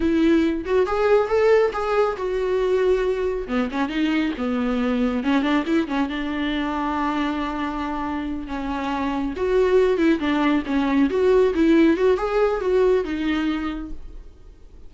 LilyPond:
\new Staff \with { instrumentName = "viola" } { \time 4/4 \tempo 4 = 138 e'4. fis'8 gis'4 a'4 | gis'4 fis'2. | b8 cis'8 dis'4 b2 | cis'8 d'8 e'8 cis'8 d'2~ |
d'2.~ d'8 cis'8~ | cis'4. fis'4. e'8 d'8~ | d'8 cis'4 fis'4 e'4 fis'8 | gis'4 fis'4 dis'2 | }